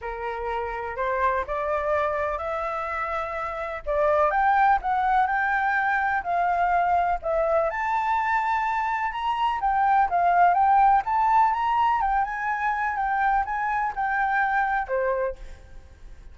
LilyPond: \new Staff \with { instrumentName = "flute" } { \time 4/4 \tempo 4 = 125 ais'2 c''4 d''4~ | d''4 e''2. | d''4 g''4 fis''4 g''4~ | g''4 f''2 e''4 |
a''2. ais''4 | g''4 f''4 g''4 a''4 | ais''4 g''8 gis''4. g''4 | gis''4 g''2 c''4 | }